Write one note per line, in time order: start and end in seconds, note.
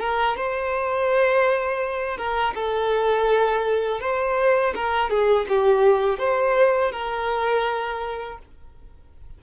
0.00 0.37 A#4
0.37 2.18 C5
2.18 2.54 A#4
2.55 4.01 A4
4.01 4.74 C5
4.75 5.10 A#4
5.10 5.47 G#4
5.49 6.19 G4
6.19 6.92 C5
6.92 8.38 A#4